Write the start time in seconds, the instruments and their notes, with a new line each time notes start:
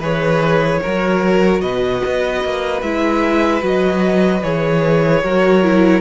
0.00 cello E3, viola G#4, violin B4 C#5
0.83 cello F#3, viola F#4, violin A#4
1.61 cello B2, violin B4 D#5
2.06 cello B3
2.44 cello A#3
2.82 cello G#3, viola E4, violin E5
3.61 cello F#3, viola F#4, violin D#5
4.43 cello E3, viola G#4, violin C#5
5.24 cello F#3, viola F#4, violin A#4
5.63 viola E4